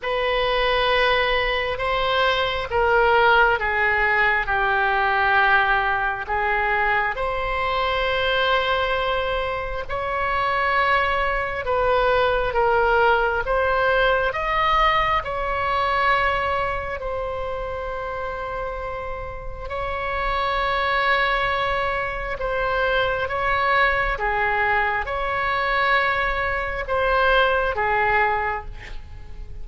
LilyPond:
\new Staff \with { instrumentName = "oboe" } { \time 4/4 \tempo 4 = 67 b'2 c''4 ais'4 | gis'4 g'2 gis'4 | c''2. cis''4~ | cis''4 b'4 ais'4 c''4 |
dis''4 cis''2 c''4~ | c''2 cis''2~ | cis''4 c''4 cis''4 gis'4 | cis''2 c''4 gis'4 | }